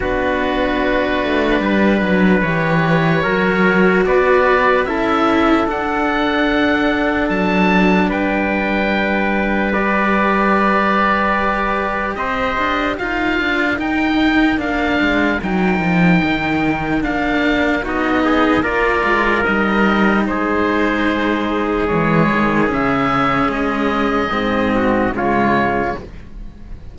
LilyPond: <<
  \new Staff \with { instrumentName = "oboe" } { \time 4/4 \tempo 4 = 74 b'2. cis''4~ | cis''4 d''4 e''4 fis''4~ | fis''4 a''4 g''2 | d''2. dis''4 |
f''4 g''4 f''4 g''4~ | g''4 f''4 dis''4 d''4 | dis''4 c''2 cis''4 | e''4 dis''2 cis''4 | }
  \new Staff \with { instrumentName = "trumpet" } { \time 4/4 fis'2 b'2 | ais'4 b'4 a'2~ | a'2 b'2~ | b'2. c''4 |
ais'1~ | ais'2 fis'8 gis'8 ais'4~ | ais'4 gis'2.~ | gis'2~ gis'8 fis'8 f'4 | }
  \new Staff \with { instrumentName = "cello" } { \time 4/4 d'2. g'4 | fis'2 e'4 d'4~ | d'1 | g'1 |
f'4 dis'4 d'4 dis'4~ | dis'4 d'4 dis'4 f'4 | dis'2. gis4 | cis'2 c'4 gis4 | }
  \new Staff \with { instrumentName = "cello" } { \time 4/4 b4. a8 g8 fis8 e4 | fis4 b4 cis'4 d'4~ | d'4 fis4 g2~ | g2. c'8 d'8 |
dis'8 d'8 dis'4 ais8 gis8 fis8 f8 | dis4 ais4 b4 ais8 gis8 | g4 gis2 e8 dis8 | cis4 gis4 gis,4 cis4 | }
>>